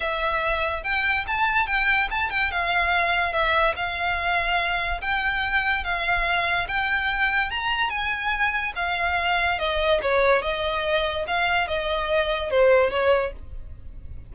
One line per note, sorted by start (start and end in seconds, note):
0.00 0.83 E5
0.83 1.25 G5
1.27 1.66 A5
1.66 2.08 G5
2.10 2.30 A5
2.30 2.51 G5
2.51 3.32 F5
3.32 3.74 E5
3.75 5.00 F5
5.01 5.84 G5
5.84 6.67 F5
6.68 7.50 G5
7.50 7.89 A#5
7.89 8.72 G#5
8.75 9.58 F5
9.58 10.00 D#5
10.02 10.41 C#5
10.41 11.25 D#5
11.27 11.67 F5
11.67 12.50 D#5
12.50 12.90 C5
12.90 13.32 C#5